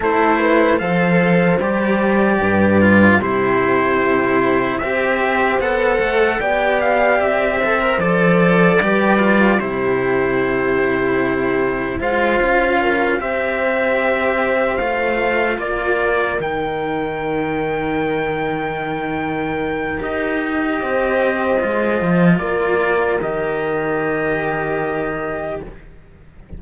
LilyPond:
<<
  \new Staff \with { instrumentName = "trumpet" } { \time 4/4 \tempo 4 = 75 c''4 f''4 d''2 | c''2 e''4 fis''4 | g''8 f''8 e''4 d''2 | c''2. f''4~ |
f''8 e''2 f''4 d''8~ | d''8 g''2.~ g''8~ | g''4 dis''2. | d''4 dis''2. | }
  \new Staff \with { instrumentName = "horn" } { \time 4/4 a'8 b'8 c''2 b'4 | g'2 c''2 | d''4. c''4. b'4 | g'2. c''4 |
ais'8 c''2. ais'8~ | ais'1~ | ais'2 c''2 | ais'1 | }
  \new Staff \with { instrumentName = "cello" } { \time 4/4 e'4 a'4 g'4. f'8 | e'2 g'4 a'4 | g'4. a'16 ais'16 a'4 g'8 f'8 | e'2. f'4~ |
f'8 g'2 f'4.~ | f'8 dis'2.~ dis'8~ | dis'4 g'2 f'4~ | f'4 g'2. | }
  \new Staff \with { instrumentName = "cello" } { \time 4/4 a4 f4 g4 g,4 | c2 c'4 b8 a8 | b4 c'4 f4 g4 | c2. gis8 cis'8~ |
cis'8 c'2 a4 ais8~ | ais8 dis2.~ dis8~ | dis4 dis'4 c'4 gis8 f8 | ais4 dis2. | }
>>